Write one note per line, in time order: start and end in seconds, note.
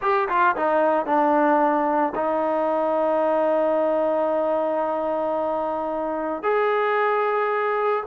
0.01 0.28 G4
0.28 0.55 F4
0.56 1.05 D#4
1.05 2.13 D4
2.15 6.42 D#4
6.42 8.03 G#4